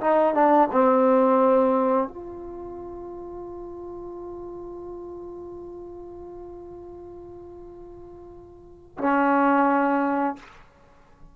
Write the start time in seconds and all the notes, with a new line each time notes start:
0.00 D#4
0.34 D4
0.71 C4
2.08 F4
8.98 C#4